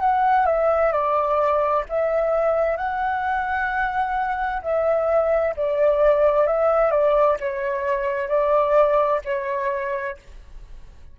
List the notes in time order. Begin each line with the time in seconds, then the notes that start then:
0.00 F#5
0.46 E5
0.92 D5
1.89 E5
2.77 F#5
4.62 E5
5.56 D5
6.47 E5
6.91 D5
7.40 C#5
8.29 D5
9.25 C#5